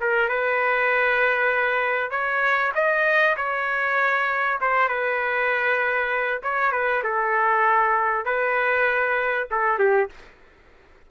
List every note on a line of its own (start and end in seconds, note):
0.00 0.29 A#4
0.29 2.11 B4
2.11 2.72 C#5
2.75 3.36 D#5
3.36 4.59 C#5
4.61 4.88 C5
4.88 6.41 B4
6.43 6.72 C#5
6.72 7.02 B4
7.03 8.25 A4
8.25 9.47 B4
9.50 9.79 A4
9.79 10.09 G4